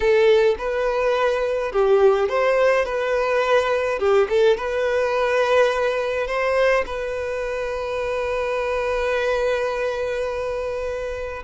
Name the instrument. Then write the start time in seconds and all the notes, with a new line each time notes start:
violin
0.00 A4
0.58 B4
1.72 G4
2.28 C5
2.85 B4
3.99 G4
4.29 A4
4.57 B4
6.27 C5
6.86 B4